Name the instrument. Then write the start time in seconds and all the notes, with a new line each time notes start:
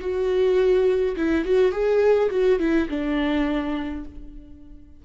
viola
0.00 F#4
1.16 E4
1.44 F#4
1.71 G#4
2.30 F#4
2.59 E4
2.89 D4